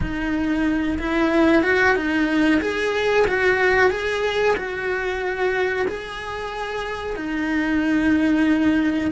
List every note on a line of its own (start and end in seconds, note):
0.00 0.98 D#4
0.98 1.62 E4
1.62 1.95 F#4
1.95 2.60 D#4
2.61 3.26 G#4
3.27 3.90 F#4
3.90 4.55 G#4
4.56 5.86 F#4
5.87 7.16 G#4
7.16 9.11 D#4